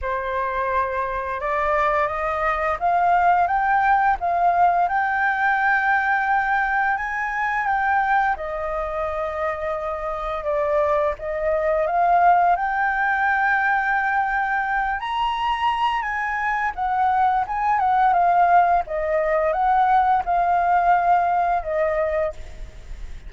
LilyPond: \new Staff \with { instrumentName = "flute" } { \time 4/4 \tempo 4 = 86 c''2 d''4 dis''4 | f''4 g''4 f''4 g''4~ | g''2 gis''4 g''4 | dis''2. d''4 |
dis''4 f''4 g''2~ | g''4. ais''4. gis''4 | fis''4 gis''8 fis''8 f''4 dis''4 | fis''4 f''2 dis''4 | }